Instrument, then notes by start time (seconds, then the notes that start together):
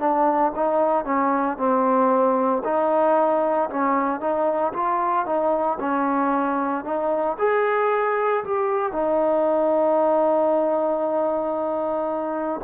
trombone
0.00 D4
0.56 D#4
1.05 C#4
1.58 C4
2.65 D#4
3.70 C#4
4.21 D#4
4.74 F4
5.26 D#4
5.80 C#4
6.85 D#4
7.39 G#4
8.44 G4
8.92 D#4